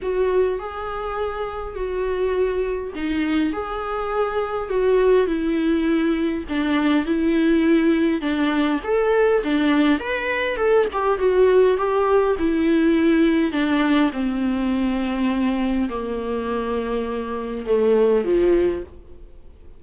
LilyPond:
\new Staff \with { instrumentName = "viola" } { \time 4/4 \tempo 4 = 102 fis'4 gis'2 fis'4~ | fis'4 dis'4 gis'2 | fis'4 e'2 d'4 | e'2 d'4 a'4 |
d'4 b'4 a'8 g'8 fis'4 | g'4 e'2 d'4 | c'2. ais4~ | ais2 a4 f4 | }